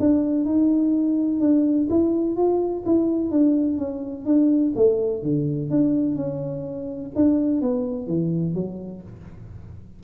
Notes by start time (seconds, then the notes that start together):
0.00 D4
0.45 D#4
1.40 D4
1.90 E4
2.36 F4
2.86 E4
3.31 D4
3.78 C#4
4.26 D4
4.76 A3
5.23 D3
5.71 D4
6.16 C#4
7.16 D4
7.62 B3
8.07 E3
8.54 F#3